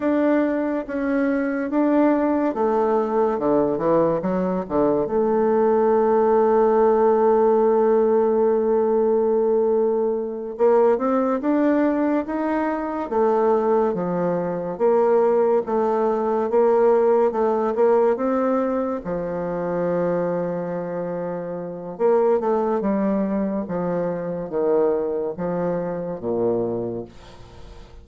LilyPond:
\new Staff \with { instrumentName = "bassoon" } { \time 4/4 \tempo 4 = 71 d'4 cis'4 d'4 a4 | d8 e8 fis8 d8 a2~ | a1~ | a8 ais8 c'8 d'4 dis'4 a8~ |
a8 f4 ais4 a4 ais8~ | ais8 a8 ais8 c'4 f4.~ | f2 ais8 a8 g4 | f4 dis4 f4 ais,4 | }